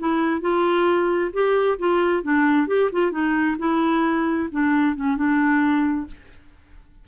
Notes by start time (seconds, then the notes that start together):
0.00 E4
0.41 F4
1.33 G4
1.79 F4
2.24 D4
2.68 G4
2.93 F4
3.12 D#4
3.59 E4
4.52 D4
4.96 C#4
5.17 D4